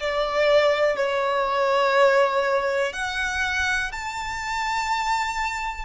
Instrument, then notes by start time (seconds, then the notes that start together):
violin
0.00 D5
0.96 C#5
2.92 F#5
3.92 A5